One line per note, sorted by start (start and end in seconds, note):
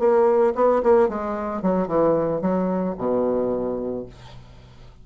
0.00 0.54 A#3
0.56 0.83 B3
0.83 1.09 A#3
1.09 1.63 G#3
1.63 1.88 F#3
1.88 2.42 E3
2.42 2.96 F#3
2.98 4.06 B2